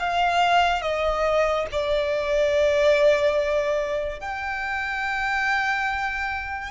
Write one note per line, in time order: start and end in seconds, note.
0.00 0.82 F5
0.82 1.67 D#5
1.72 4.20 D5
4.20 6.72 G5